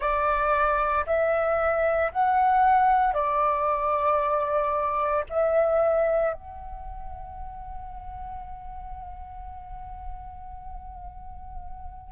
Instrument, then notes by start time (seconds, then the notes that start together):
flute
0.00 D5
1.06 E5
2.11 F#5
3.13 D5
5.29 E5
6.33 F#5